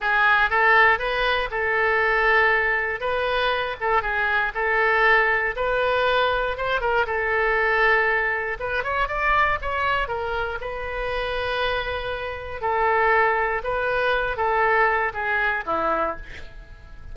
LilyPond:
\new Staff \with { instrumentName = "oboe" } { \time 4/4 \tempo 4 = 119 gis'4 a'4 b'4 a'4~ | a'2 b'4. a'8 | gis'4 a'2 b'4~ | b'4 c''8 ais'8 a'2~ |
a'4 b'8 cis''8 d''4 cis''4 | ais'4 b'2.~ | b'4 a'2 b'4~ | b'8 a'4. gis'4 e'4 | }